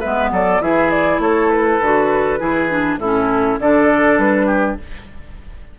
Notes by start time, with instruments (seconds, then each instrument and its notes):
0.00 bassoon G#3, clarinet B3, oboe B4, flute E5
0.31 bassoon F#3, oboe A4, flute D5
0.60 bassoon E3, clarinet E4, oboe G#4, flute E5
0.90 flute D5
1.19 bassoon A3, oboe A4, flute C#5
1.50 flute B4
1.81 bassoon D3, clarinet F#4
2.39 bassoon E3, clarinet E4, oboe G#4
2.69 clarinet D4
2.97 bassoon A2, oboe E4, flute A4
3.03 clarinet C#4
3.60 bassoon D3, clarinet D4, oboe A4, flute D5
4.18 bassoon G3, flute B4
4.47 oboe G4